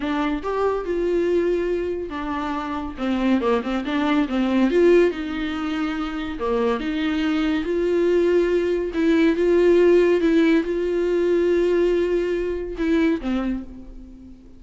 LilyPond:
\new Staff \with { instrumentName = "viola" } { \time 4/4 \tempo 4 = 141 d'4 g'4 f'2~ | f'4 d'2 c'4 | ais8 c'8 d'4 c'4 f'4 | dis'2. ais4 |
dis'2 f'2~ | f'4 e'4 f'2 | e'4 f'2.~ | f'2 e'4 c'4 | }